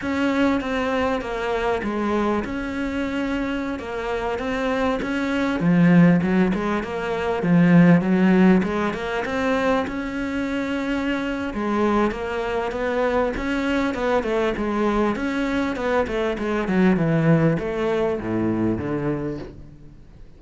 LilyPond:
\new Staff \with { instrumentName = "cello" } { \time 4/4 \tempo 4 = 99 cis'4 c'4 ais4 gis4 | cis'2~ cis'16 ais4 c'8.~ | c'16 cis'4 f4 fis8 gis8 ais8.~ | ais16 f4 fis4 gis8 ais8 c'8.~ |
c'16 cis'2~ cis'8. gis4 | ais4 b4 cis'4 b8 a8 | gis4 cis'4 b8 a8 gis8 fis8 | e4 a4 a,4 d4 | }